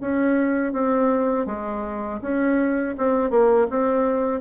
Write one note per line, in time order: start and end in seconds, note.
0.00 0.72 C#4
0.72 1.46 C4
1.46 2.20 G#3
2.21 2.95 C#4
2.97 3.30 C4
3.30 3.67 A#3
3.70 4.41 C4